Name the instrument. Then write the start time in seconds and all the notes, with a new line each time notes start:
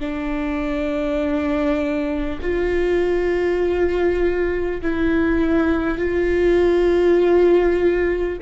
viola
0.00 D4
2.42 F4
4.82 E4
5.98 F4